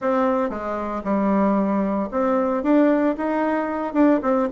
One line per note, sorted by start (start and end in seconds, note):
0.01 0.49 C4
0.49 1.02 G#3
1.04 2.09 G3
2.11 2.63 C4
2.63 3.15 D4
3.17 3.93 D#4
3.93 4.20 D4
4.22 4.48 C4